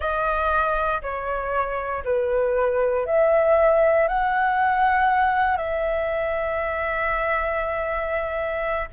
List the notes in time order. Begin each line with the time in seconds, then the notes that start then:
0.00 D#5
1.02 C#5
2.04 B4
3.06 E5
4.08 F#5
5.57 E5